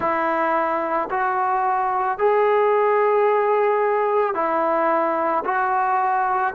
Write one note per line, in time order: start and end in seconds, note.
0.00 1.09 E4
1.10 2.18 F#4
2.18 4.34 G#4
4.34 5.43 E4
5.44 6.54 F#4